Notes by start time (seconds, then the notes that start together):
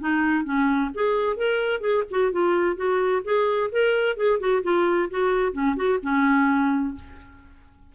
0.00 D#4
0.45 C#4
0.95 G#4
1.37 A#4
1.81 G#4
2.11 F#4
2.32 F4
2.77 F#4
3.25 G#4
3.72 A#4
4.17 G#4
4.40 F#4
4.64 F4
5.11 F#4
5.53 C#4
5.77 F#4
6.03 C#4